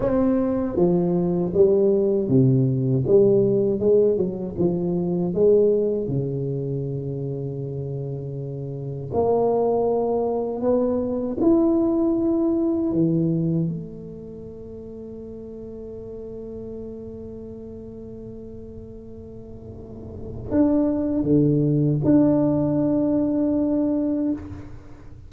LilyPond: \new Staff \with { instrumentName = "tuba" } { \time 4/4 \tempo 4 = 79 c'4 f4 g4 c4 | g4 gis8 fis8 f4 gis4 | cis1 | ais2 b4 e'4~ |
e'4 e4 a2~ | a1~ | a2. d'4 | d4 d'2. | }